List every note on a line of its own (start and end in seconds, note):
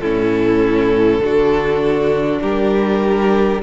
0.00 1.19 A2
0.00 1.23 C#4
0.00 1.21 E4
0.00 2.40 A4
1.19 2.39 D3
1.19 3.63 D4
1.19 2.43 F#4
2.43 3.62 G3
2.43 3.62 G4
2.43 3.62 A#4